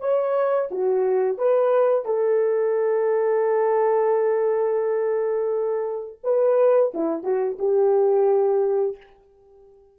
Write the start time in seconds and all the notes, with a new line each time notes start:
0.00 C#5
0.71 F#4
1.38 B4
2.05 A4
6.24 B4
6.94 E4
7.24 F#4
7.59 G4